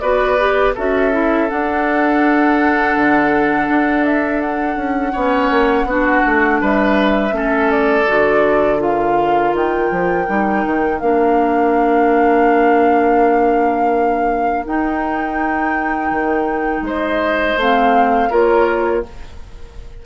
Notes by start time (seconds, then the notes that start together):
0.00 B3 F#4 B4 D5
0.39 G4
0.75 C#4 F#4 A4 E5
1.12 E4
1.49 D4 F#5
2.96 D3
3.69 D4
4.04 E5
4.41 F#5
4.76 C#4
5.12 B3 C#4 C#5
5.50 A#3
5.84 B3 D4 F#4
6.25 A3
6.61 G3 B4 E5
7.31 A3 C#4 A4
7.71 D5
8.07 D3 F#4
8.79 F4 A#4 F5
9.54 D#3 G5
9.91 F3
10.28 G3 D#4
10.66 D#3
10.99 A#3 D4 F5
14.65 D#4 G5
16.11 D#3
16.82 G#3 C5 D#5
17.57 A3 C4 F5
18.30 A#3 F4 A#4 C#5